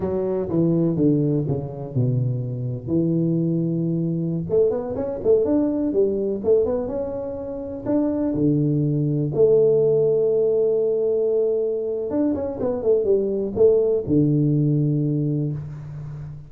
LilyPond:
\new Staff \with { instrumentName = "tuba" } { \time 4/4 \tempo 4 = 124 fis4 e4 d4 cis4 | b,2 e2~ | e4~ e16 a8 b8 cis'8 a8 d'8.~ | d'16 g4 a8 b8 cis'4.~ cis'16~ |
cis'16 d'4 d2 a8.~ | a1~ | a4 d'8 cis'8 b8 a8 g4 | a4 d2. | }